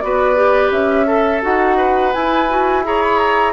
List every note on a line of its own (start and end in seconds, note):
0.00 0.71 B3
0.00 0.36 F#4
0.00 1.07 B4
0.00 0.71 D5
0.36 1.06 G4
0.71 1.42 C#4
0.71 1.42 E5
1.07 1.77 A4
1.07 1.42 A4
1.42 2.15 D#4
1.42 2.13 F#4
1.42 2.13 F#5
1.77 2.83 B4
2.13 2.48 E4
2.13 3.53 E4
2.13 2.84 G#5
2.49 2.84 F#4
2.84 3.53 G#4
2.84 3.53 C#5
2.84 3.02 A#5
3.02 3.19 B5
3.19 3.53 A#5